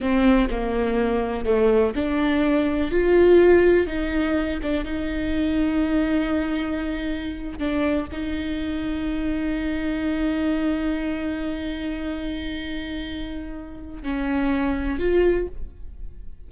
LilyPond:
\new Staff \with { instrumentName = "viola" } { \time 4/4 \tempo 4 = 124 c'4 ais2 a4 | d'2 f'2 | dis'4. d'8 dis'2~ | dis'2.~ dis'8. d'16~ |
d'8. dis'2.~ dis'16~ | dis'1~ | dis'1~ | dis'4 cis'2 f'4 | }